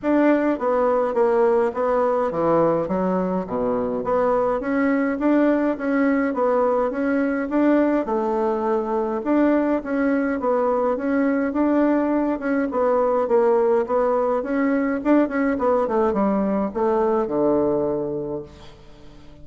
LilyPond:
\new Staff \with { instrumentName = "bassoon" } { \time 4/4 \tempo 4 = 104 d'4 b4 ais4 b4 | e4 fis4 b,4 b4 | cis'4 d'4 cis'4 b4 | cis'4 d'4 a2 |
d'4 cis'4 b4 cis'4 | d'4. cis'8 b4 ais4 | b4 cis'4 d'8 cis'8 b8 a8 | g4 a4 d2 | }